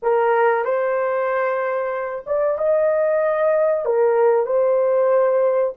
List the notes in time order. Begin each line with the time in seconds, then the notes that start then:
0.02 A#4
0.64 C5
2.26 D5
2.57 D#5
3.85 A#4
4.46 C5